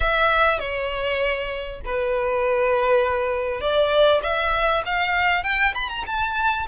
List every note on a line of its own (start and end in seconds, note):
0.00 0.59 E5
0.59 1.80 C#5
1.85 3.60 B4
3.60 4.21 D5
4.22 4.83 E5
4.85 5.43 F5
5.43 5.74 G5
5.74 5.89 B5
5.89 6.04 A#5
6.06 6.67 A5